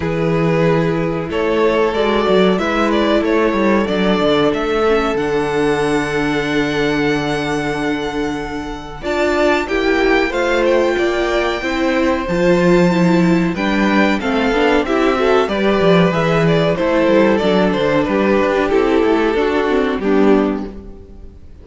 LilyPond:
<<
  \new Staff \with { instrumentName = "violin" } { \time 4/4 \tempo 4 = 93 b'2 cis''4 d''4 | e''8 d''8 cis''4 d''4 e''4 | fis''1~ | fis''2 a''4 g''4 |
f''8 g''2~ g''8 a''4~ | a''4 g''4 f''4 e''4 | d''4 e''8 d''8 c''4 d''8 c''8 | b'4 a'2 g'4 | }
  \new Staff \with { instrumentName = "violin" } { \time 4/4 gis'2 a'2 | b'4 a'2.~ | a'1~ | a'2 d''4 g'4 |
c''4 d''4 c''2~ | c''4 b'4 a'4 g'8 a'8 | b'2 a'2 | g'2 fis'4 d'4 | }
  \new Staff \with { instrumentName = "viola" } { \time 4/4 e'2. fis'4 | e'2 d'4. cis'8 | d'1~ | d'2 f'4 e'4 |
f'2 e'4 f'4 | e'4 d'4 c'8 d'8 e'8 fis'8 | g'4 gis'4 e'4 d'4~ | d'4 e'4 d'8 c'8 b4 | }
  \new Staff \with { instrumentName = "cello" } { \time 4/4 e2 a4 gis8 fis8 | gis4 a8 g8 fis8 d8 a4 | d1~ | d2 d'4 ais4 |
a4 ais4 c'4 f4~ | f4 g4 a8 b8 c'4 | g8 f8 e4 a8 g8 fis8 d8 | g8 d'8 c'8 a8 d'4 g4 | }
>>